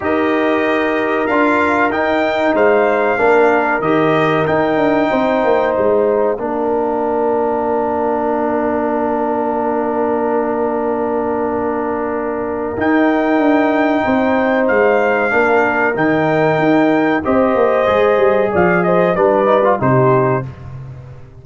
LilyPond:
<<
  \new Staff \with { instrumentName = "trumpet" } { \time 4/4 \tempo 4 = 94 dis''2 f''4 g''4 | f''2 dis''4 g''4~ | g''4 f''2.~ | f''1~ |
f''1 | g''2. f''4~ | f''4 g''2 dis''4~ | dis''4 f''8 dis''8 d''4 c''4 | }
  \new Staff \with { instrumentName = "horn" } { \time 4/4 ais'1 | c''4 ais'2. | c''2 ais'2~ | ais'1~ |
ais'1~ | ais'2 c''2 | ais'2. c''4~ | c''4 d''8 c''8 b'4 g'4 | }
  \new Staff \with { instrumentName = "trombone" } { \time 4/4 g'2 f'4 dis'4~ | dis'4 d'4 g'4 dis'4~ | dis'2 d'2~ | d'1~ |
d'1 | dis'1 | d'4 dis'2 g'4 | gis'2 d'8 dis'16 f'16 dis'4 | }
  \new Staff \with { instrumentName = "tuba" } { \time 4/4 dis'2 d'4 dis'4 | gis4 ais4 dis4 dis'8 d'8 | c'8 ais8 gis4 ais2~ | ais1~ |
ais1 | dis'4 d'4 c'4 gis4 | ais4 dis4 dis'4 c'8 ais8 | gis8 g8 f4 g4 c4 | }
>>